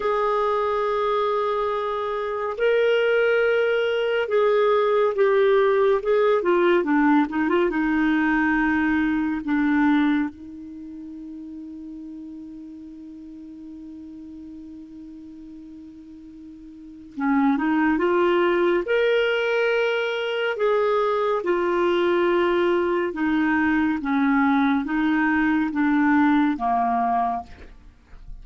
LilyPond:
\new Staff \with { instrumentName = "clarinet" } { \time 4/4 \tempo 4 = 70 gis'2. ais'4~ | ais'4 gis'4 g'4 gis'8 f'8 | d'8 dis'16 f'16 dis'2 d'4 | dis'1~ |
dis'1 | cis'8 dis'8 f'4 ais'2 | gis'4 f'2 dis'4 | cis'4 dis'4 d'4 ais4 | }